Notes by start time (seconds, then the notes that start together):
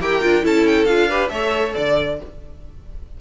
0.00 E4 G4 A#4 G5
0.21 D4 F4
0.41 C#4 E4 A4 A5
0.67 G5
0.85 D4 F4 F5
1.09 G4 B4
1.29 A3 A4 C#5 E5
1.74 D3 D5